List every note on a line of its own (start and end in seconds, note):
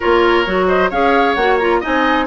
0.00 0.46 A#3
0.00 0.46 F4
0.00 0.66 A#4
0.00 0.67 C#5
0.46 0.91 F#3
0.46 0.91 F#4
0.67 0.90 C5
0.67 0.90 D#5
0.90 1.36 C#4
0.90 1.37 G#4
0.90 1.80 C#5
0.90 1.34 F5
1.34 1.81 A#3
1.34 1.60 F#4
1.34 1.57 F#5
1.59 1.82 F4
1.59 1.82 A#5
1.80 2.27 D#4
1.80 2.25 D#5
1.80 2.27 G#5
1.86 2.27 C4